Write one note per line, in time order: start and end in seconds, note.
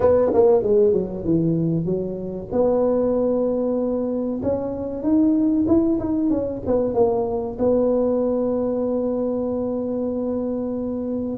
0.00 0.31 B3
0.33 0.62 A#3
0.62 0.92 G#3
0.92 1.24 F#3
1.24 1.85 E3
1.85 2.48 F#3
2.51 4.41 B3
4.42 5.02 C#4
5.02 5.65 D#4
5.67 5.99 E4
5.99 6.30 D#4
6.30 6.61 C#4
6.66 6.94 B3
6.94 7.57 A#3
7.58 11.37 B3